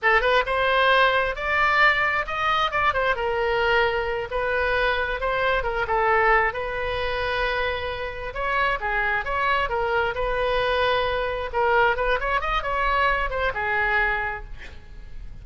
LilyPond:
\new Staff \with { instrumentName = "oboe" } { \time 4/4 \tempo 4 = 133 a'8 b'8 c''2 d''4~ | d''4 dis''4 d''8 c''8 ais'4~ | ais'4. b'2 c''8~ | c''8 ais'8 a'4. b'4.~ |
b'2~ b'8 cis''4 gis'8~ | gis'8 cis''4 ais'4 b'4.~ | b'4. ais'4 b'8 cis''8 dis''8 | cis''4. c''8 gis'2 | }